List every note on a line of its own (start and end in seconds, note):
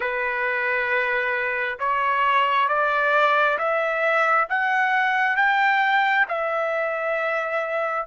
0.00 1.78 B4
1.79 2.68 C#5
2.68 3.57 D5
3.58 4.47 E5
4.49 5.36 F#5
5.36 6.26 G5
6.28 8.06 E5